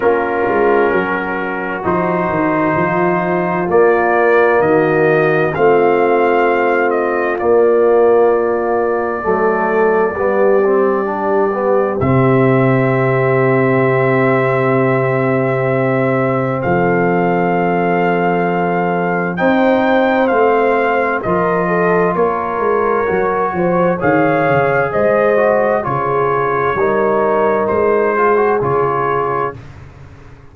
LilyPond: <<
  \new Staff \with { instrumentName = "trumpet" } { \time 4/4 \tempo 4 = 65 ais'2 c''2 | d''4 dis''4 f''4. dis''8 | d''1~ | d''4 e''2.~ |
e''2 f''2~ | f''4 g''4 f''4 dis''4 | cis''2 f''4 dis''4 | cis''2 c''4 cis''4 | }
  \new Staff \with { instrumentName = "horn" } { \time 4/4 f'4 fis'2 f'4~ | f'4 fis'4 f'2~ | f'2 a'4 g'4~ | g'1~ |
g'2 a'2~ | a'4 c''2 ais'8 a'8 | ais'4. c''8 cis''4 c''4 | gis'4 ais'4. gis'4. | }
  \new Staff \with { instrumentName = "trombone" } { \time 4/4 cis'2 dis'2 | ais2 c'2 | ais2 a4 b8 c'8 | d'8 b8 c'2.~ |
c'1~ | c'4 dis'4 c'4 f'4~ | f'4 fis'4 gis'4. fis'8 | f'4 dis'4. f'16 fis'16 f'4 | }
  \new Staff \with { instrumentName = "tuba" } { \time 4/4 ais8 gis8 fis4 f8 dis8 f4 | ais4 dis4 a2 | ais2 fis4 g4~ | g4 c2.~ |
c2 f2~ | f4 c'4 a4 f4 | ais8 gis8 fis8 f8 dis8 cis8 gis4 | cis4 g4 gis4 cis4 | }
>>